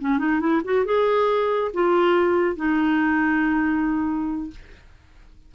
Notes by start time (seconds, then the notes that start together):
0.00 C#4
0.18 D#4
0.39 E4
0.64 F#4
0.85 G#4
1.73 F4
2.56 D#4